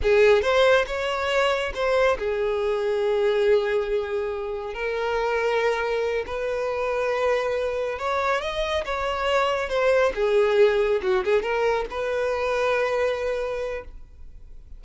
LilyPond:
\new Staff \with { instrumentName = "violin" } { \time 4/4 \tempo 4 = 139 gis'4 c''4 cis''2 | c''4 gis'2.~ | gis'2. ais'4~ | ais'2~ ais'8 b'4.~ |
b'2~ b'8 cis''4 dis''8~ | dis''8 cis''2 c''4 gis'8~ | gis'4. fis'8 gis'8 ais'4 b'8~ | b'1 | }